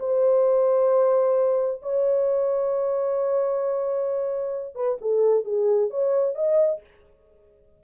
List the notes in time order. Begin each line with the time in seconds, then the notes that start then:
0.00 C5
1.83 C#5
4.75 B4
5.01 A4
5.45 G#4
5.91 C#5
6.36 D#5